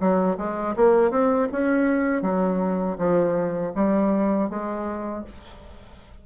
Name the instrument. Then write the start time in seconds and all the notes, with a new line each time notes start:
bassoon
0.00 F#3
0.38 G#3
0.76 A#3
1.11 C4
1.52 C#4
2.22 F#3
2.98 F3
3.75 G3
4.50 G#3